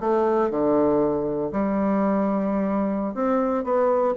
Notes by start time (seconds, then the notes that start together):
0.00 A3
0.50 D3
1.52 G3
3.14 C4
3.64 B3